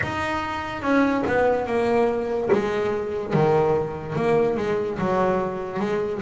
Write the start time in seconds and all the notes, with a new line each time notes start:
0.02 D#4
0.81 C#4
1.26 B3
1.66 A#3
2.52 G#3
3.33 D#3
4.15 A#3
4.56 G#3
4.98 F#3
5.79 G#3